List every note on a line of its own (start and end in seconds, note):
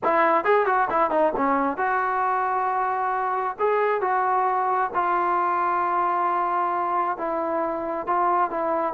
0.03 0.44 E4
0.44 0.66 G#4
0.66 0.88 F#4
0.90 1.10 E4
1.10 1.32 D#4
1.36 1.77 C#4
1.77 3.56 F#4
3.59 4.01 G#4
4.01 4.90 F#4
4.94 7.17 F4
7.17 8.06 E4
8.06 8.50 F4
8.50 8.93 E4